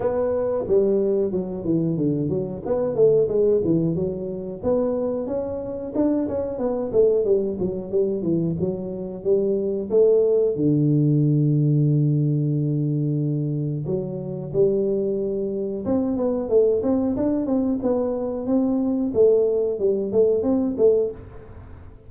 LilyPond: \new Staff \with { instrumentName = "tuba" } { \time 4/4 \tempo 4 = 91 b4 g4 fis8 e8 d8 fis8 | b8 a8 gis8 e8 fis4 b4 | cis'4 d'8 cis'8 b8 a8 g8 fis8 | g8 e8 fis4 g4 a4 |
d1~ | d4 fis4 g2 | c'8 b8 a8 c'8 d'8 c'8 b4 | c'4 a4 g8 a8 c'8 a8 | }